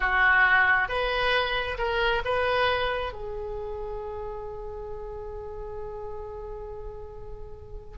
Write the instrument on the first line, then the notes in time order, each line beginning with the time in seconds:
oboe
0.00 F#4
0.88 B4
1.78 A#4
2.24 B4
3.12 G#4